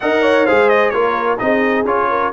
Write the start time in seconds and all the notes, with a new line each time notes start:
0.00 D#4 A#4 D#5 F#5
0.22 C#5
0.45 G#3 G#4 C5 F5
0.69 D#5
0.89 A#3 F4 A#4 C#5
1.38 C4 D#4 G#4 D#5
1.84 C#4 F4 C#5
2.09 A#4